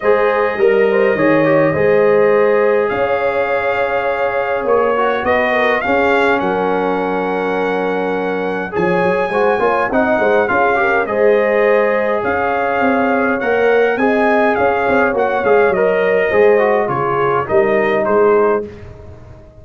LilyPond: <<
  \new Staff \with { instrumentName = "trumpet" } { \time 4/4 \tempo 4 = 103 dis''1~ | dis''4 f''2. | cis''4 dis''4 f''4 fis''4~ | fis''2. gis''4~ |
gis''4 fis''4 f''4 dis''4~ | dis''4 f''2 fis''4 | gis''4 f''4 fis''8 f''8 dis''4~ | dis''4 cis''4 dis''4 c''4 | }
  \new Staff \with { instrumentName = "horn" } { \time 4/4 c''4 ais'8 c''8 cis''4 c''4~ | c''4 cis''2.~ | cis''4 b'8 ais'8 gis'4 ais'4~ | ais'2. cis''4 |
c''8 cis''8 dis''8 c''8 gis'8 ais'8 c''4~ | c''4 cis''2. | dis''4 cis''2. | c''4 gis'4 ais'4 gis'4 | }
  \new Staff \with { instrumentName = "trombone" } { \time 4/4 gis'4 ais'4 gis'8 g'8 gis'4~ | gis'1~ | gis'8 fis'4. cis'2~ | cis'2. gis'4 |
fis'8 f'8 dis'4 f'8 g'8 gis'4~ | gis'2. ais'4 | gis'2 fis'8 gis'8 ais'4 | gis'8 fis'8 f'4 dis'2 | }
  \new Staff \with { instrumentName = "tuba" } { \time 4/4 gis4 g4 dis4 gis4~ | gis4 cis'2. | ais4 b4 cis'4 fis4~ | fis2. f8 fis8 |
gis8 ais8 c'8 gis8 cis'4 gis4~ | gis4 cis'4 c'4 ais4 | c'4 cis'8 c'8 ais8 gis8 fis4 | gis4 cis4 g4 gis4 | }
>>